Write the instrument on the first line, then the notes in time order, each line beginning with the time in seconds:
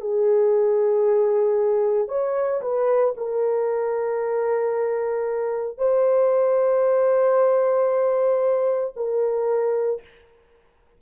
horn
0.00 G#4
2.08 C#5
2.61 B4
3.17 A#4
5.78 C5
8.96 A#4